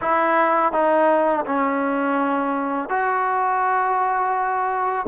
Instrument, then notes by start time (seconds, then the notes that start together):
trombone
0.01 E4
0.72 D#4
1.45 C#4
2.89 F#4